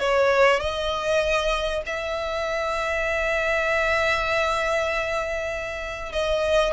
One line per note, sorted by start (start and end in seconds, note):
0.00 0.60 C#5
0.60 1.83 D#5
1.86 6.13 E5
6.13 6.73 D#5